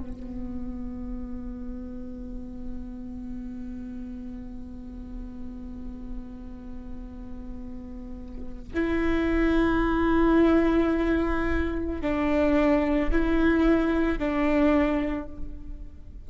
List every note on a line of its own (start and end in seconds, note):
0.00 8.73 B3
8.74 12.01 E4
12.01 13.11 D4
13.12 14.19 E4
14.19 15.28 D4